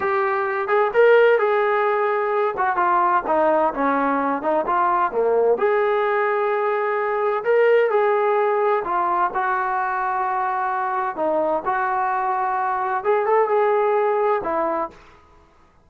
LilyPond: \new Staff \with { instrumentName = "trombone" } { \time 4/4 \tempo 4 = 129 g'4. gis'8 ais'4 gis'4~ | gis'4. fis'8 f'4 dis'4 | cis'4. dis'8 f'4 ais4 | gis'1 |
ais'4 gis'2 f'4 | fis'1 | dis'4 fis'2. | gis'8 a'8 gis'2 e'4 | }